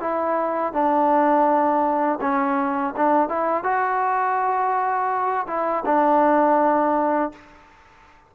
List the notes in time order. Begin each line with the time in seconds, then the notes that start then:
0.00 E4
0.73 D4
2.21 C#4
2.96 D4
3.29 E4
3.63 F#4
5.47 E4
5.85 D4